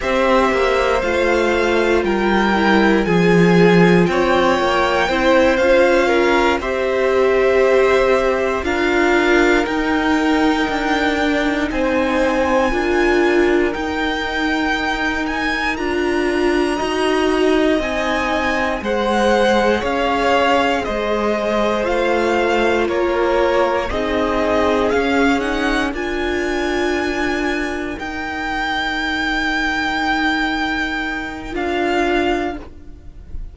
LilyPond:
<<
  \new Staff \with { instrumentName = "violin" } { \time 4/4 \tempo 4 = 59 e''4 f''4 g''4 gis''4 | g''4. f''4 e''4.~ | e''8 f''4 g''2 gis''8~ | gis''4. g''4. gis''8 ais''8~ |
ais''4. gis''4 fis''4 f''8~ | f''8 dis''4 f''4 cis''4 dis''8~ | dis''8 f''8 fis''8 gis''2 g''8~ | g''2. f''4 | }
  \new Staff \with { instrumentName = "violin" } { \time 4/4 c''2 ais'4 gis'4 | cis''4 c''4 ais'8 c''4.~ | c''8 ais'2. c''8~ | c''8 ais'2.~ ais'8~ |
ais'8 dis''2 c''4 cis''8~ | cis''8 c''2 ais'4 gis'8~ | gis'4. ais'2~ ais'8~ | ais'1 | }
  \new Staff \with { instrumentName = "viola" } { \time 4/4 g'4 f'4. e'8 f'4~ | f'4 e'8 f'4 g'4.~ | g'8 f'4 dis'4. d'16 dis'8.~ | dis'8 f'4 dis'2 f'8~ |
f'8 fis'4 dis'4 gis'4.~ | gis'4. f'2 dis'8~ | dis'8 cis'8 dis'8 f'2 dis'8~ | dis'2. f'4 | }
  \new Staff \with { instrumentName = "cello" } { \time 4/4 c'8 ais8 a4 g4 f4 | c'8 ais8 c'8 cis'4 c'4.~ | c'8 d'4 dis'4 d'4 c'8~ | c'8 d'4 dis'2 d'8~ |
d'8 dis'4 c'4 gis4 cis'8~ | cis'8 gis4 a4 ais4 c'8~ | c'8 cis'4 d'2 dis'8~ | dis'2. d'4 | }
>>